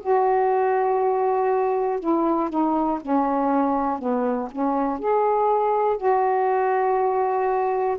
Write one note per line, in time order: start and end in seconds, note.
0.00 2.00 F#4
2.00 2.49 E4
2.49 2.99 D#4
3.01 3.99 C#4
3.99 4.49 B3
4.51 4.99 C#4
4.99 5.97 G#4
5.97 7.97 F#4